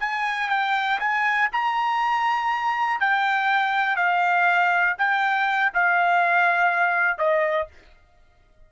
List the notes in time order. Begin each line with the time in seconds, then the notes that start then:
0.00 G#5
0.50 G5
1.00 G#5
1.53 A#5
3.01 G5
3.97 F5
4.99 G5
5.74 F5
7.19 D#5